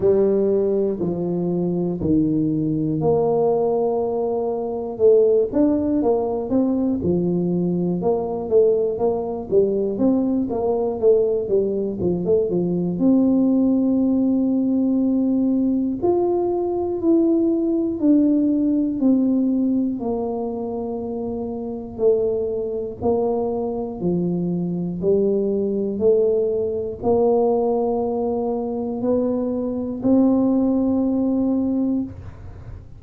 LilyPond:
\new Staff \with { instrumentName = "tuba" } { \time 4/4 \tempo 4 = 60 g4 f4 dis4 ais4~ | ais4 a8 d'8 ais8 c'8 f4 | ais8 a8 ais8 g8 c'8 ais8 a8 g8 | f16 a16 f8 c'2. |
f'4 e'4 d'4 c'4 | ais2 a4 ais4 | f4 g4 a4 ais4~ | ais4 b4 c'2 | }